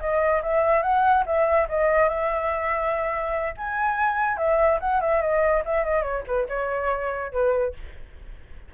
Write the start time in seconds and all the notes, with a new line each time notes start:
0.00 D#5
0.42 E5
0.83 F#5
1.26 E5
1.69 D#5
2.09 E5
3.57 G#5
4.37 E5
4.80 F#5
5.01 E5
5.22 D#5
5.65 E5
5.84 D#5
6.03 C#5
6.27 B4
6.48 C#5
7.32 B4